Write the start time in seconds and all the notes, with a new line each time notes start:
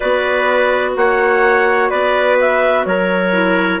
0.00 B3 F#4 B4 D5
0.95 A#3 C#5 F#5
1.89 B3 B4 D5
2.40 E5
2.85 F#3 A#4 C#5
3.32 E4